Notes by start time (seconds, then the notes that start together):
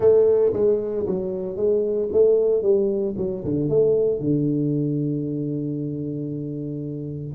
0.00 A3
0.53 G#3
1.06 F#3
1.56 G#3
2.12 A3
2.62 G3
3.17 F#3
3.44 D3
3.69 A3
4.20 D3